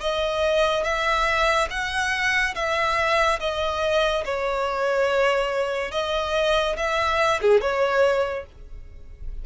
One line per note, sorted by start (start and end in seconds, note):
0.00 0.84 D#5
0.84 1.68 E5
1.70 2.54 F#5
2.55 3.39 E5
3.40 4.24 D#5
4.25 5.92 C#5
5.92 6.76 D#5
6.76 7.40 E5
7.41 7.61 G#4
7.61 8.45 C#5